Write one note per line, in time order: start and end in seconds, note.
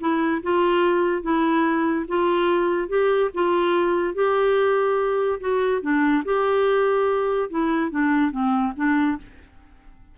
0.00 0.42 E4
0.43 1.22 F4
1.22 2.06 E4
2.08 2.89 F4
2.89 3.30 G4
3.34 4.14 F4
4.14 5.39 G4
5.40 5.82 F#4
5.82 6.23 D4
6.25 7.50 G4
7.50 7.91 E4
7.91 8.31 D4
8.31 8.73 C4
8.76 9.18 D4